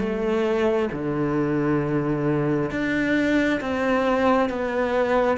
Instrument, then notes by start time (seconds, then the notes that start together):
cello
0.00 A3
0.92 D3
2.71 D4
3.61 C4
4.50 B3